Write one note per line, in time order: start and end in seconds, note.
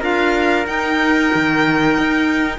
0.00 0.66 D4
0.00 0.66 F4
0.00 2.58 A#4
0.00 0.66 F5
0.66 2.58 D#4
0.66 1.31 D#4
0.66 2.58 G5
1.34 1.98 D#3
1.98 2.58 D#4